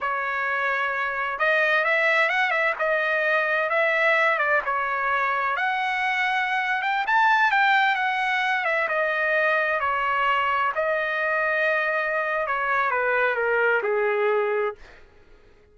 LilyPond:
\new Staff \with { instrumentName = "trumpet" } { \time 4/4 \tempo 4 = 130 cis''2. dis''4 | e''4 fis''8 e''8 dis''2 | e''4. d''8 cis''2 | fis''2~ fis''8. g''8 a''8.~ |
a''16 g''4 fis''4. e''8 dis''8.~ | dis''4~ dis''16 cis''2 dis''8.~ | dis''2. cis''4 | b'4 ais'4 gis'2 | }